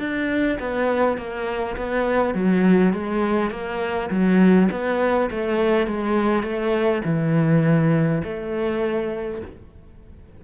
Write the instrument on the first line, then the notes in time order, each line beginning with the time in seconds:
cello
0.00 D4
0.60 B3
1.18 A#3
1.77 B3
2.35 F#3
2.93 G#3
3.51 A#3
4.11 F#3
4.71 B3
5.31 A3
5.87 G#3
6.43 A3
7.05 E3
8.24 A3